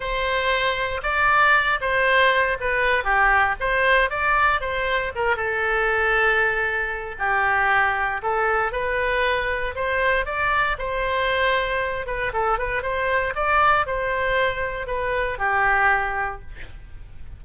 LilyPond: \new Staff \with { instrumentName = "oboe" } { \time 4/4 \tempo 4 = 117 c''2 d''4. c''8~ | c''4 b'4 g'4 c''4 | d''4 c''4 ais'8 a'4.~ | a'2 g'2 |
a'4 b'2 c''4 | d''4 c''2~ c''8 b'8 | a'8 b'8 c''4 d''4 c''4~ | c''4 b'4 g'2 | }